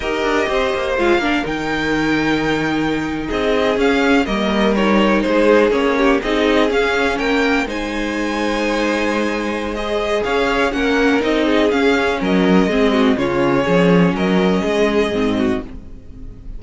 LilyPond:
<<
  \new Staff \with { instrumentName = "violin" } { \time 4/4 \tempo 4 = 123 dis''2 f''4 g''4~ | g''2~ g''8. dis''4 f''16~ | f''8. dis''4 cis''4 c''4 cis''16~ | cis''8. dis''4 f''4 g''4 gis''16~ |
gis''1 | dis''4 f''4 fis''4 dis''4 | f''4 dis''2 cis''4~ | cis''4 dis''2. | }
  \new Staff \with { instrumentName = "violin" } { \time 4/4 ais'4 c''4. ais'4.~ | ais'2~ ais'8. gis'4~ gis'16~ | gis'8. ais'2 gis'4~ gis'16~ | gis'16 g'8 gis'2 ais'4 c''16~ |
c''1~ | c''4 cis''4 ais'4. gis'8~ | gis'4 ais'4 gis'8 fis'8 f'4 | gis'4 ais'4 gis'4. fis'8 | }
  \new Staff \with { instrumentName = "viola" } { \time 4/4 g'2 f'8 d'8 dis'4~ | dis'2.~ dis'8. cis'16~ | cis'8. ais4 dis'2 cis'16~ | cis'8. dis'4 cis'2 dis'16~ |
dis'1 | gis'2 cis'4 dis'4 | cis'2 c'4 cis'4~ | cis'2. c'4 | }
  \new Staff \with { instrumentName = "cello" } { \time 4/4 dis'8 d'8 c'8 ais8 gis8 ais8 dis4~ | dis2~ dis8. c'4 cis'16~ | cis'8. g2 gis4 ais16~ | ais8. c'4 cis'4 ais4 gis16~ |
gis1~ | gis4 cis'4 ais4 c'4 | cis'4 fis4 gis4 cis4 | f4 fis4 gis4 gis,4 | }
>>